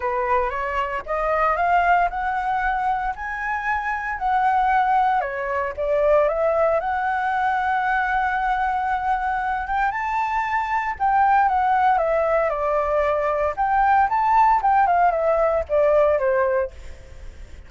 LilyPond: \new Staff \with { instrumentName = "flute" } { \time 4/4 \tempo 4 = 115 b'4 cis''4 dis''4 f''4 | fis''2 gis''2 | fis''2 cis''4 d''4 | e''4 fis''2.~ |
fis''2~ fis''8 g''8 a''4~ | a''4 g''4 fis''4 e''4 | d''2 g''4 a''4 | g''8 f''8 e''4 d''4 c''4 | }